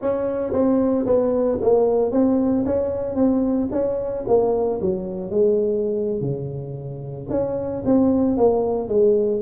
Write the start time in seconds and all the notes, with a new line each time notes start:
0.01 C#4
0.52 C4
1.05 B3
1.61 A#3
2.11 C4
2.65 C#4
3.15 C4
3.71 C#4
4.27 A#3
4.81 F#3
5.30 G#3
6.21 C#3
7.30 C#4
7.85 C4
8.37 A#3
8.88 G#3